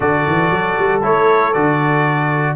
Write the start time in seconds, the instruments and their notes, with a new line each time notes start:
0.00 tuba D3, trombone F#4, horn A4, trumpet D5
0.26 tuba E3
0.50 tuba F#3
0.78 tuba G3
1.02 tuba A3, trombone E4, trumpet C#5
1.53 tuba D3, trombone F#4, trumpet D5